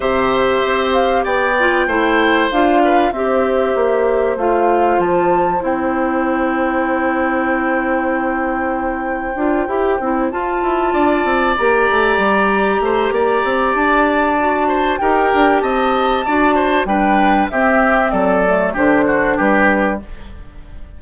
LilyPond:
<<
  \new Staff \with { instrumentName = "flute" } { \time 4/4 \tempo 4 = 96 e''4. f''8 g''2 | f''4 e''2 f''4 | a''4 g''2.~ | g''1~ |
g''8 a''2 ais''4.~ | ais''2 a''2 | g''4 a''2 g''4 | e''4 d''4 c''4 b'4 | }
  \new Staff \with { instrumentName = "oboe" } { \time 4/4 c''2 d''4 c''4~ | c''8 b'8 c''2.~ | c''1~ | c''1~ |
c''4. d''2~ d''8~ | d''8 c''8 d''2~ d''8 c''8 | ais'4 dis''4 d''8 c''8 b'4 | g'4 a'4 g'8 fis'8 g'4 | }
  \new Staff \with { instrumentName = "clarinet" } { \time 4/4 g'2~ g'8 f'8 e'4 | f'4 g'2 f'4~ | f'4 e'2.~ | e'2. f'8 g'8 |
e'8 f'2 g'4.~ | g'2. fis'4 | g'2 fis'4 d'4 | c'4. a8 d'2 | }
  \new Staff \with { instrumentName = "bassoon" } { \time 4/4 c4 c'4 b4 a4 | d'4 c'4 ais4 a4 | f4 c'2.~ | c'2. d'8 e'8 |
c'8 f'8 e'8 d'8 c'8 ais8 a8 g8~ | g8 a8 ais8 c'8 d'2 | dis'8 d'8 c'4 d'4 g4 | c'4 fis4 d4 g4 | }
>>